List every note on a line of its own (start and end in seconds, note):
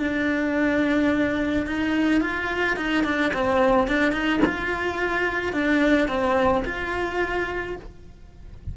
0.00 1.67 D4
1.67 2.21 D#4
2.21 2.77 F4
2.77 3.05 D#4
3.05 3.32 D4
3.34 3.88 C4
3.88 4.12 D4
4.12 4.40 D#4
4.45 5.53 F4
5.53 6.08 D4
6.08 6.64 C4
6.65 7.77 F4